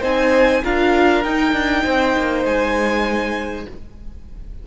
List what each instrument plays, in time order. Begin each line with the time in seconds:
0.00 cello C4, viola D#4, violin C5 G#5
0.63 cello D4, viola F4, violin A#4 F5
1.24 cello D#4, viola D#4, violin G5
1.52 cello D4
1.83 cello C4, violin C5
2.17 cello A#3
2.45 cello G#3, violin G#5